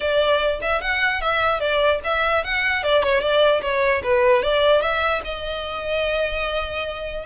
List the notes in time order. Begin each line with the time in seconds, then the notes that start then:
0.00 D5
0.61 E5
0.81 F#5
1.21 E5
1.59 D5
2.04 E5
2.44 F#5
2.83 D5
3.03 C#5
3.20 D5
3.61 C#5
4.03 B4
4.42 D5
4.81 E5
5.24 D#5